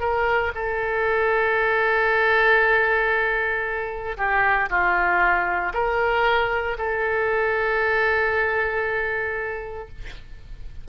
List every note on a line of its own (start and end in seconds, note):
0.00 0.52 A#4
0.55 4.17 A4
4.17 4.69 G4
4.69 5.73 F4
5.73 6.77 A#4
6.78 9.88 A4